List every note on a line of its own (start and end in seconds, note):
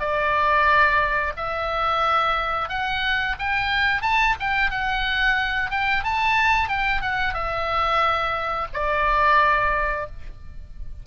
0.00 1.33 D5
1.37 2.69 E5
2.69 3.36 F#5
3.39 4.02 G5
4.02 4.35 A5
4.40 4.71 G5
4.71 5.71 F#5
5.71 6.04 G5
6.04 6.69 A5
6.69 7.02 G5
7.02 7.34 F#5
7.34 8.68 E5
8.74 10.07 D5